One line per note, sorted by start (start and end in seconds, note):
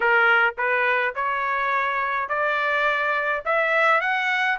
0.00 0.54 A#4
0.57 1.14 B4
1.15 2.28 C#5
2.28 3.43 D5
3.45 4.00 E5
4.00 4.57 F#5